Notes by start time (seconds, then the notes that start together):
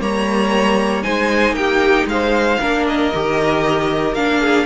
0.00 G3 A#3 C#5 A#5
1.03 G#3 D#4 C5 G#5
1.51 A#3 G4 G5
2.06 G#3 C5 F5
2.60 A#3 D4 A#4
2.86 D#5
3.14 D#3 G4
4.13 A#3 D4 F5
4.39 G#4